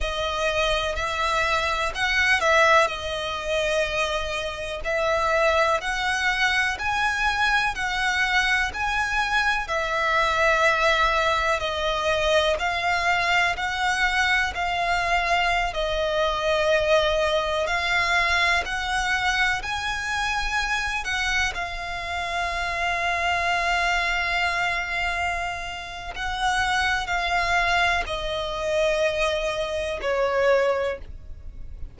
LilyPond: \new Staff \with { instrumentName = "violin" } { \time 4/4 \tempo 4 = 62 dis''4 e''4 fis''8 e''8 dis''4~ | dis''4 e''4 fis''4 gis''4 | fis''4 gis''4 e''2 | dis''4 f''4 fis''4 f''4~ |
f''16 dis''2 f''4 fis''8.~ | fis''16 gis''4. fis''8 f''4.~ f''16~ | f''2. fis''4 | f''4 dis''2 cis''4 | }